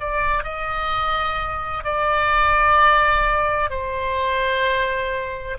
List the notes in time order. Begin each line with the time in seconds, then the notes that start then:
0.00 D5
0.44 D#5
1.84 D5
3.70 C5